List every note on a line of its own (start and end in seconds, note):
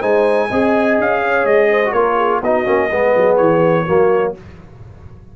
0.00 0.51 G#3
0.00 0.49 D#4
0.00 0.48 C5
0.00 0.98 G#5
0.49 0.98 C4
0.49 1.85 G#4
0.49 1.21 D#5
0.98 1.45 C#4
0.98 1.47 F5
1.22 1.70 C#5
1.45 1.93 G#3
1.45 1.93 D#5
1.71 1.93 C5
1.85 1.96 F#4
1.93 2.42 A#3
1.93 2.44 F4
1.93 2.17 A#4
1.93 2.41 C#5
2.17 2.41 G#4
2.42 2.66 B3
2.42 2.66 D#4
2.42 2.91 F#4
2.42 3.37 D#5
2.66 2.90 A#3
2.66 2.90 C#4
2.92 3.16 G#3
2.92 3.87 B3
2.92 3.85 G#4
3.16 3.39 F#3
3.37 3.87 E3
3.37 4.33 C#5
3.85 4.36 F#3
3.85 4.35 A#3
3.85 4.33 F#4